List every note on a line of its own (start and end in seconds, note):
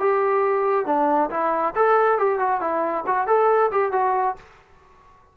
0.00 0.86 G4
0.86 1.30 D4
1.30 1.74 E4
1.75 2.18 A4
2.18 2.39 G4
2.39 2.60 F#4
2.60 3.04 E4
3.07 3.27 F#4
3.27 3.71 A4
3.71 3.92 G4
3.92 4.36 F#4